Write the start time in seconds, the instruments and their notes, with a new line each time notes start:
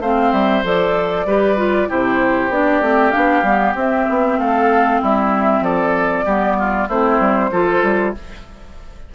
0.00 bassoon A3, clarinet C4, oboe C5, flute F5
0.32 bassoon G3, flute E5
0.64 bassoon F3, clarinet A4, flute D5
1.26 bassoon G3, clarinet G4, oboe B4
1.57 clarinet F4
1.88 bassoon C3, clarinet E4, oboe G4, flute C5
2.49 bassoon B3, clarinet D4, flute D5
2.81 bassoon A3, clarinet C4
3.11 bassoon B3, clarinet D4, flute F5
3.43 bassoon G3, clarinet B3
3.75 bassoon C4, clarinet C4, flute E5
4.10 bassoon B3
4.38 bassoon A3, oboe A4, flute F5
5.01 bassoon G3, oboe E4, flute E5
5.61 bassoon F3, oboe A4, flute D5
6.25 bassoon G3, clarinet B3, oboe G4
6.60 oboe F4
6.88 bassoon A3, clarinet C4, oboe E4, flute C5
7.20 bassoon G3
7.52 bassoon F3, clarinet F4, oboe A4
7.83 bassoon G3